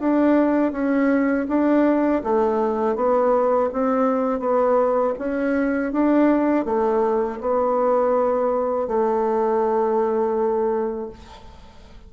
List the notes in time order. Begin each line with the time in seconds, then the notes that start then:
0.00 D4
0.72 C#4
1.48 D4
2.24 A3
2.96 B3
3.73 C4
4.40 B3
5.19 C#4
5.93 D4
6.66 A3
7.41 B3
8.88 A3